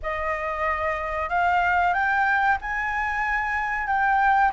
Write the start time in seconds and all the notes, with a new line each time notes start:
0.02 D#5
1.29 F5
1.93 G5
2.61 G#5
3.87 G5